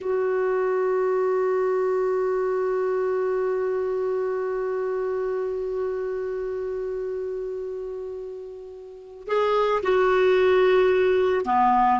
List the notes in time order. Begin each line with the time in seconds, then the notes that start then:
0.00 F#4
9.27 G#4
9.83 F#4
11.45 B3